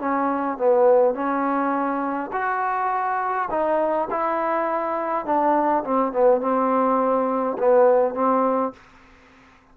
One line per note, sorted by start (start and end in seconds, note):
0.00 0.58 C#4
0.58 1.15 B3
1.15 2.31 C#4
2.33 3.49 F#4
3.51 4.09 D#4
4.11 5.26 E4
5.26 5.84 D4
5.84 6.13 C4
6.13 6.41 B3
6.41 7.58 C4
7.59 8.15 B3
8.15 8.73 C4